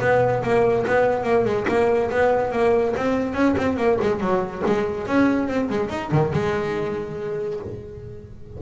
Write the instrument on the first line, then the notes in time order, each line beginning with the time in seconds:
double bass
0.00 B3
0.43 A#3
0.87 B3
1.23 A#3
1.45 G#3
1.68 A#3
2.10 B3
2.52 A#3
2.97 C4
3.34 C#4
3.57 C4
3.77 A#3
4.01 G#3
4.20 F#3
4.66 G#3
5.07 C#4
5.48 C4
5.69 G#3
5.89 D#4
6.12 D#3
6.33 G#3